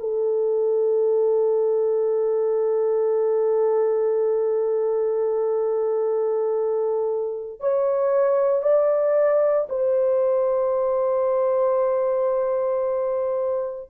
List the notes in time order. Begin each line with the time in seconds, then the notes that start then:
0.00 A4
7.60 C#5
8.63 D5
9.69 C5